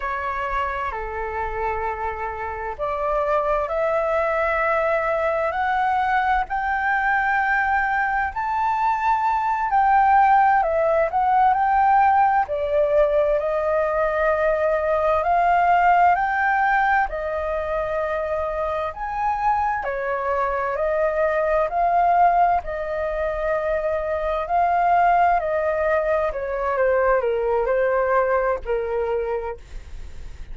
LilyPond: \new Staff \with { instrumentName = "flute" } { \time 4/4 \tempo 4 = 65 cis''4 a'2 d''4 | e''2 fis''4 g''4~ | g''4 a''4. g''4 e''8 | fis''8 g''4 d''4 dis''4.~ |
dis''8 f''4 g''4 dis''4.~ | dis''8 gis''4 cis''4 dis''4 f''8~ | f''8 dis''2 f''4 dis''8~ | dis''8 cis''8 c''8 ais'8 c''4 ais'4 | }